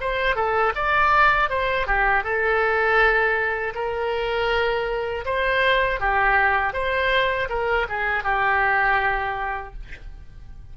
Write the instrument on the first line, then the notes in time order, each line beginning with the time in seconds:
oboe
0.00 C5
0.35 A4
0.75 D5
1.49 C5
1.86 G4
2.23 A4
3.74 A#4
5.25 C5
6.00 G4
6.73 C5
7.49 A#4
7.89 G#4
8.23 G4